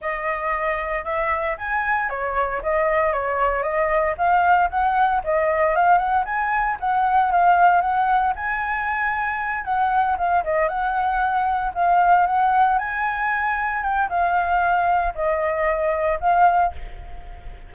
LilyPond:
\new Staff \with { instrumentName = "flute" } { \time 4/4 \tempo 4 = 115 dis''2 e''4 gis''4 | cis''4 dis''4 cis''4 dis''4 | f''4 fis''4 dis''4 f''8 fis''8 | gis''4 fis''4 f''4 fis''4 |
gis''2~ gis''8 fis''4 f''8 | dis''8 fis''2 f''4 fis''8~ | fis''8 gis''2 g''8 f''4~ | f''4 dis''2 f''4 | }